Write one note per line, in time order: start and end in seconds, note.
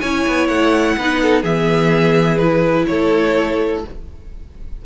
0.00 0.26 C#4
0.00 0.99 E4
0.00 0.96 C#5
0.00 0.48 G#5
0.28 0.49 B3
0.48 0.96 A3
0.48 1.43 F#5
0.98 1.44 B3
0.98 1.43 D#4
0.98 1.22 B4
1.23 1.43 A4
1.43 2.86 E3
1.43 2.39 B3
1.43 2.85 G#4
1.43 2.38 E5
2.38 3.85 E4
2.38 2.86 B4
2.87 3.85 A3
2.87 3.86 A4
2.87 3.82 C#5